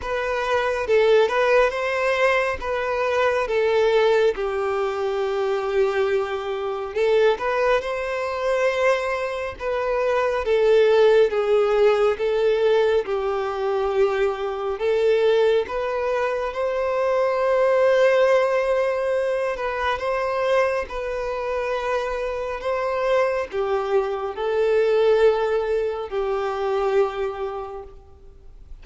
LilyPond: \new Staff \with { instrumentName = "violin" } { \time 4/4 \tempo 4 = 69 b'4 a'8 b'8 c''4 b'4 | a'4 g'2. | a'8 b'8 c''2 b'4 | a'4 gis'4 a'4 g'4~ |
g'4 a'4 b'4 c''4~ | c''2~ c''8 b'8 c''4 | b'2 c''4 g'4 | a'2 g'2 | }